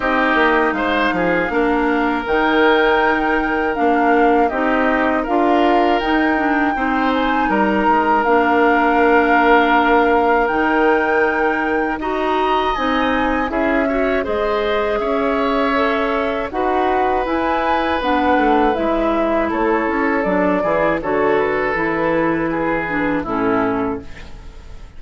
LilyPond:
<<
  \new Staff \with { instrumentName = "flute" } { \time 4/4 \tempo 4 = 80 dis''4 f''2 g''4~ | g''4 f''4 dis''4 f''4 | g''4. gis''8 ais''4 f''4~ | f''2 g''2 |
ais''4 gis''4 e''4 dis''4 | e''2 fis''4 gis''4 | fis''4 e''4 cis''4 d''4 | cis''8 b'2~ b'8 a'4 | }
  \new Staff \with { instrumentName = "oboe" } { \time 4/4 g'4 c''8 gis'8 ais'2~ | ais'2 g'4 ais'4~ | ais'4 c''4 ais'2~ | ais'1 |
dis''2 gis'8 cis''8 c''4 | cis''2 b'2~ | b'2 a'4. gis'8 | a'2 gis'4 e'4 | }
  \new Staff \with { instrumentName = "clarinet" } { \time 4/4 dis'2 d'4 dis'4~ | dis'4 d'4 dis'4 f'4 | dis'8 d'8 dis'2 d'4~ | d'2 dis'2 |
fis'4 dis'4 e'8 fis'8 gis'4~ | gis'4 a'4 fis'4 e'4 | d'4 e'2 d'8 e'8 | fis'4 e'4. d'8 cis'4 | }
  \new Staff \with { instrumentName = "bassoon" } { \time 4/4 c'8 ais8 gis8 f8 ais4 dis4~ | dis4 ais4 c'4 d'4 | dis'4 c'4 g8 gis8 ais4~ | ais2 dis2 |
dis'4 c'4 cis'4 gis4 | cis'2 dis'4 e'4 | b8 a8 gis4 a8 cis'8 fis8 e8 | d4 e2 a,4 | }
>>